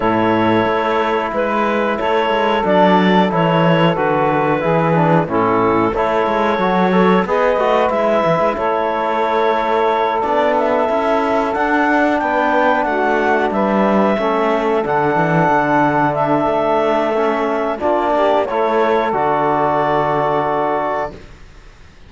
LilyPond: <<
  \new Staff \with { instrumentName = "clarinet" } { \time 4/4 \tempo 4 = 91 cis''2 b'4 cis''4 | d''4 cis''4 b'2 | a'4 cis''2 dis''4 | e''4 cis''2~ cis''8 d''8 |
e''4. fis''4 g''4 fis''8~ | fis''8 e''2 fis''4.~ | fis''8 e''2~ e''8 d''4 | cis''4 d''2. | }
  \new Staff \with { instrumentName = "saxophone" } { \time 4/4 a'2 b'4 a'4~ | a'2. gis'4 | e'4 a'4. cis''8 b'4~ | b'4 a'2.~ |
a'2~ a'8 b'4 fis'8~ | fis'8 b'4 a'2~ a'8~ | a'2. f'8 g'8 | a'1 | }
  \new Staff \with { instrumentName = "trombone" } { \time 4/4 e'1 | d'4 e'4 fis'4 e'8 d'8 | cis'4 e'4 fis'8 a'8 gis'8 fis'8 | e'2.~ e'8 d'8~ |
d'8 e'4 d'2~ d'8~ | d'4. cis'4 d'4.~ | d'2 cis'4 d'4 | e'4 fis'2. | }
  \new Staff \with { instrumentName = "cello" } { \time 4/4 a,4 a4 gis4 a8 gis8 | fis4 e4 d4 e4 | a,4 a8 gis8 fis4 b8 a8 | gis8 e16 gis16 a2~ a8 b8~ |
b8 cis'4 d'4 b4 a8~ | a8 g4 a4 d8 e8 d8~ | d4 a2 ais4 | a4 d2. | }
>>